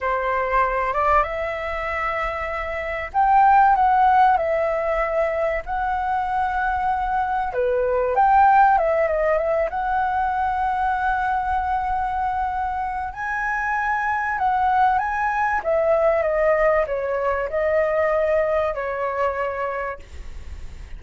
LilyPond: \new Staff \with { instrumentName = "flute" } { \time 4/4 \tempo 4 = 96 c''4. d''8 e''2~ | e''4 g''4 fis''4 e''4~ | e''4 fis''2. | b'4 g''4 e''8 dis''8 e''8 fis''8~ |
fis''1~ | fis''4 gis''2 fis''4 | gis''4 e''4 dis''4 cis''4 | dis''2 cis''2 | }